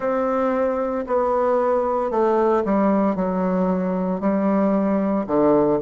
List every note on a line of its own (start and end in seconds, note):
0.00 1.05 C4
1.06 2.11 B3
2.11 2.63 A3
2.65 3.15 G3
3.15 4.20 F#3
4.20 5.25 G3
5.26 5.79 D3